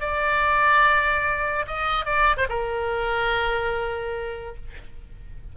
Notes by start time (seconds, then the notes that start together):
0.00 D5
1.67 D#5
2.05 D5
2.36 C5
2.49 A#4